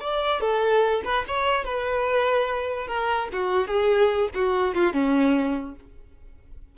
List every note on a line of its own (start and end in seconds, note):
0.00 0.40 D5
0.40 1.02 A4
1.04 1.25 B4
1.28 1.64 C#5
1.64 2.87 B4
2.87 3.28 A#4
3.32 3.67 F#4
3.67 4.29 G#4
4.34 4.74 F#4
4.74 4.93 F4
4.93 5.75 C#4